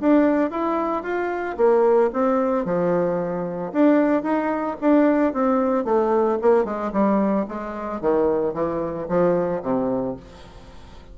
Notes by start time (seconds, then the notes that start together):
0.00 D4
0.50 E4
1.03 F4
1.57 A#3
2.13 C4
2.65 F3
3.72 D4
4.23 D#4
4.81 D4
5.33 C4
5.84 A3
6.42 A#3
6.65 G#3
6.92 G3
7.48 G#3
8.01 D#3
8.53 E3
9.08 F3
9.62 C3